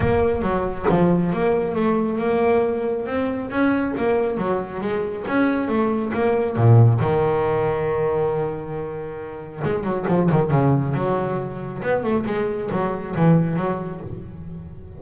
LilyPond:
\new Staff \with { instrumentName = "double bass" } { \time 4/4 \tempo 4 = 137 ais4 fis4 f4 ais4 | a4 ais2 c'4 | cis'4 ais4 fis4 gis4 | cis'4 a4 ais4 ais,4 |
dis1~ | dis2 gis8 fis8 f8 dis8 | cis4 fis2 b8 a8 | gis4 fis4 e4 fis4 | }